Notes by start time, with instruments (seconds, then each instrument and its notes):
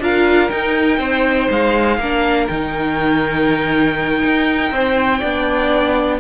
0.00 cello D4, viola F4, violin A#4 F5
0.50 viola D#4, cello D#4, violin G5
0.99 cello C4, violin C5
1.50 cello G#3, violin F5
1.98 cello A#3, viola D4, violin A#4
2.47 cello D#3, viola D#4, violin G5
4.24 cello D#4
4.71 cello C4, violin C5
5.19 cello B3, viola D4, violin D5